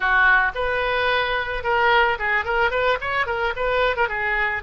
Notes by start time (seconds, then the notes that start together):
0.00 F#4
0.54 B4
1.63 A#4
2.18 G#4
2.44 A#4
2.70 B4
3.00 C#5
3.26 A#4
3.56 B4
3.96 A#4
4.08 G#4